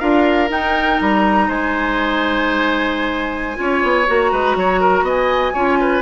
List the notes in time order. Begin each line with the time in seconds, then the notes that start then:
0.00 D4 F4 A#4 F5
0.49 D#4 G5
1.01 G3 A#5
1.48 G#3 C5 G#5
3.56 C#4 F4 C#5
3.84 B3
4.07 A#3 F#4 A#5
4.32 G#3 B4
4.56 F#3 C#5
4.81 A#4
5.03 B3 D#5
5.09 G#5
5.54 C#4 F4 C#5
5.81 B4